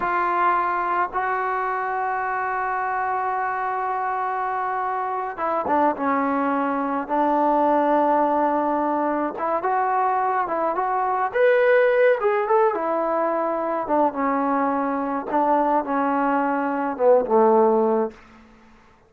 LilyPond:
\new Staff \with { instrumentName = "trombone" } { \time 4/4 \tempo 4 = 106 f'2 fis'2~ | fis'1~ | fis'4. e'8 d'8 cis'4.~ | cis'8 d'2.~ d'8~ |
d'8 e'8 fis'4. e'8 fis'4 | b'4. gis'8 a'8 e'4.~ | e'8 d'8 cis'2 d'4 | cis'2 b8 a4. | }